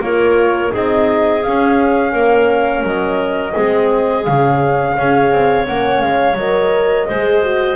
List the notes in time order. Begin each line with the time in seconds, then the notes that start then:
0.00 A#3 F4 A#4 C#5
0.70 C4 D#4 G#4 D#5
1.42 C#4 F5
2.11 A#3 A#4
2.82 F#3 D#5
3.54 G#3 C4 G#4
4.24 C#3 C#4 F5
4.97 C#4 G#4 C#5
5.31 C4
5.65 A#3 C#4 F#5
6.01 G#3 F5
6.34 F#3 A#4 D#5
7.07 G#3 G#4 C5
7.43 F#4